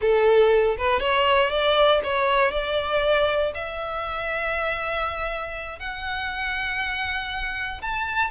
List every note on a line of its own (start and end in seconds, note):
0.01 0.77 A4
0.77 0.99 B4
0.99 1.50 C#5
1.50 2.00 D5
2.03 2.51 C#5
2.51 3.52 D5
3.54 5.79 E5
5.79 7.81 F#5
7.81 8.30 A5